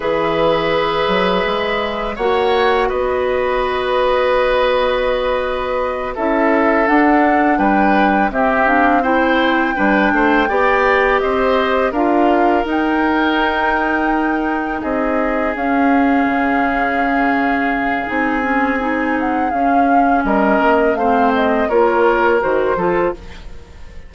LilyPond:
<<
  \new Staff \with { instrumentName = "flute" } { \time 4/4 \tempo 4 = 83 e''2. fis''4 | dis''1~ | dis''8 e''4 fis''4 g''4 e''8 | f''8 g''2. dis''8~ |
dis''8 f''4 g''2~ g''8~ | g''8 dis''4 f''2~ f''8~ | f''4 gis''4. fis''8 f''4 | dis''4 f''8 dis''8 cis''4 c''4 | }
  \new Staff \with { instrumentName = "oboe" } { \time 4/4 b'2. cis''4 | b'1~ | b'8 a'2 b'4 g'8~ | g'8 c''4 b'8 c''8 d''4 c''8~ |
c''8 ais'2.~ ais'8~ | ais'8 gis'2.~ gis'8~ | gis'1 | ais'4 c''4 ais'4. a'8 | }
  \new Staff \with { instrumentName = "clarinet" } { \time 4/4 gis'2. fis'4~ | fis'1~ | fis'8 e'4 d'2 c'8 | d'8 e'4 d'4 g'4.~ |
g'8 f'4 dis'2~ dis'8~ | dis'4. cis'2~ cis'8~ | cis'4 dis'8 cis'8 dis'4 cis'4~ | cis'4 c'4 f'4 fis'8 f'8 | }
  \new Staff \with { instrumentName = "bassoon" } { \time 4/4 e4. fis8 gis4 ais4 | b1~ | b8 cis'4 d'4 g4 c'8~ | c'4. g8 a8 b4 c'8~ |
c'8 d'4 dis'2~ dis'8~ | dis'8 c'4 cis'4 cis4.~ | cis4 c'2 cis'4 | g8 ais8 a4 ais4 dis8 f8 | }
>>